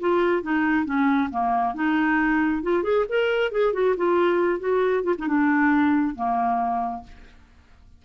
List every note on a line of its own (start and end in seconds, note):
0.00 0.43 F4
0.43 0.85 D#4
0.85 1.30 C#4
1.31 1.74 A#3
1.74 2.63 D#4
2.63 2.83 F4
2.83 3.05 G#4
3.09 3.52 A#4
3.52 3.73 G#4
3.73 3.95 F#4
3.97 4.60 F4
4.60 5.04 F#4
5.04 5.15 F4
5.18 5.28 D#4
5.28 6.15 D4
6.15 7.03 A#3